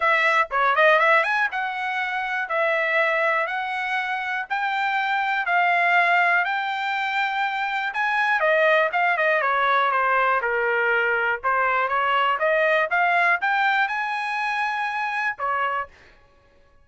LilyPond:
\new Staff \with { instrumentName = "trumpet" } { \time 4/4 \tempo 4 = 121 e''4 cis''8 dis''8 e''8 gis''8 fis''4~ | fis''4 e''2 fis''4~ | fis''4 g''2 f''4~ | f''4 g''2. |
gis''4 dis''4 f''8 dis''8 cis''4 | c''4 ais'2 c''4 | cis''4 dis''4 f''4 g''4 | gis''2. cis''4 | }